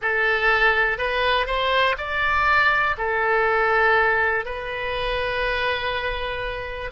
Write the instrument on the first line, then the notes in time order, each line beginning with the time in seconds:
oboe
0.01 A4
0.97 B4
1.46 C5
1.97 D5
2.97 A4
4.45 B4